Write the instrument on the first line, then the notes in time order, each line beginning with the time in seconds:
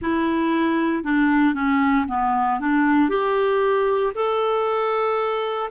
clarinet
0.01 E4
1.03 D4
1.53 C#4
2.08 B3
2.60 D4
3.09 G4
4.14 A4